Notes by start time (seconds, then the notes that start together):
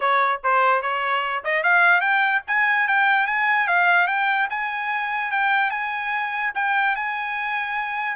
0.00 C#5
0.43 C5
0.82 C#5
1.44 D#5
1.63 F5
2.01 G5
2.47 G#5
2.87 G5
3.26 G#5
3.67 F5
4.07 G5
4.50 G#5
5.31 G5
5.70 G#5
6.54 G5
6.95 G#5